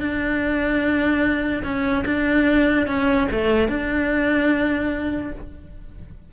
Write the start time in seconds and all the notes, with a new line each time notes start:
0.00 D4
1.64 C#4
2.05 D4
2.87 C#4
3.32 A3
3.69 D4